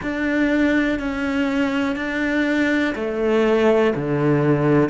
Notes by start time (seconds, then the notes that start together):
0.02 D4
0.99 C#4
1.95 D4
2.95 A3
3.95 D3